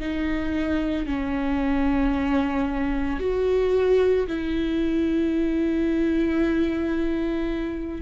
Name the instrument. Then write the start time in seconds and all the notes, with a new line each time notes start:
viola
0.00 D#4
1.06 C#4
3.20 F#4
4.28 E4